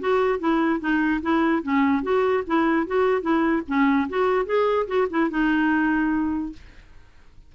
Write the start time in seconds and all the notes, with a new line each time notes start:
0.00 F#4
0.39 E4
0.80 D#4
1.22 E4
1.63 C#4
2.03 F#4
2.47 E4
2.87 F#4
3.22 E4
3.68 C#4
4.09 F#4
4.46 G#4
4.87 F#4
5.10 E4
5.31 D#4